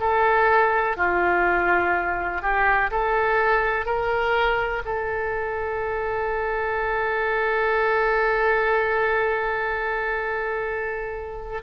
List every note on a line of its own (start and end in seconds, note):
0.00 0.97 A4
0.97 2.42 F4
2.42 2.90 G4
2.91 3.85 A4
3.85 4.82 A#4
4.85 11.62 A4